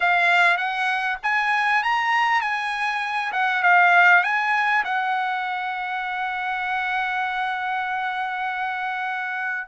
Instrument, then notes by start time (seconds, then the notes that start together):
trumpet
0.00 F5
0.57 F#5
1.23 G#5
1.83 A#5
2.41 G#5
3.32 F#5
3.63 F5
4.23 G#5
4.84 F#5